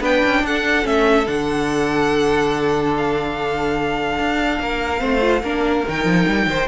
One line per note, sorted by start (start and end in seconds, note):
0.00 0.21 B3
0.00 0.82 D4
0.00 0.42 B4
0.00 0.46 G5
0.25 0.43 C#4
0.43 0.84 D4
0.43 4.61 A4
0.43 0.87 F#5
0.82 1.26 A3
0.82 1.24 C#4
0.82 1.27 E5
1.26 4.18 D3
1.26 4.98 D4
1.26 2.94 F#5
2.97 5.88 F5
4.18 4.59 D4
4.59 5.01 A#3
4.59 5.00 A#4
4.98 5.42 A3
4.98 5.19 C4
4.98 5.42 C5
5.20 5.41 F4
5.42 5.84 A#3
5.42 5.85 D4
5.42 6.46 A#4
5.87 6.04 D#3
5.87 6.67 D#4
5.87 6.67 G5
6.04 6.25 F3
6.27 6.46 G3
6.46 6.67 D#3
6.46 6.67 C5